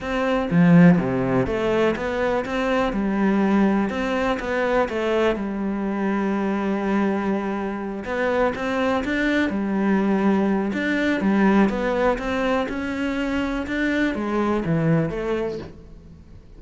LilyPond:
\new Staff \with { instrumentName = "cello" } { \time 4/4 \tempo 4 = 123 c'4 f4 c4 a4 | b4 c'4 g2 | c'4 b4 a4 g4~ | g1~ |
g8 b4 c'4 d'4 g8~ | g2 d'4 g4 | b4 c'4 cis'2 | d'4 gis4 e4 a4 | }